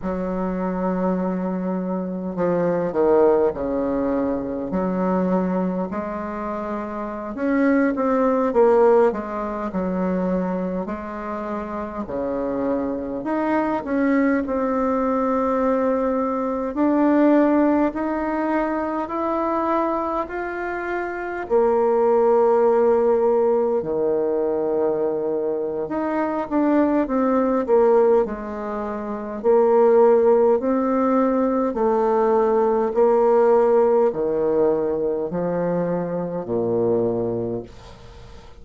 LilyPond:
\new Staff \with { instrumentName = "bassoon" } { \time 4/4 \tempo 4 = 51 fis2 f8 dis8 cis4 | fis4 gis4~ gis16 cis'8 c'8 ais8 gis16~ | gis16 fis4 gis4 cis4 dis'8 cis'16~ | cis'16 c'2 d'4 dis'8.~ |
dis'16 e'4 f'4 ais4.~ ais16~ | ais16 dis4.~ dis16 dis'8 d'8 c'8 ais8 | gis4 ais4 c'4 a4 | ais4 dis4 f4 ais,4 | }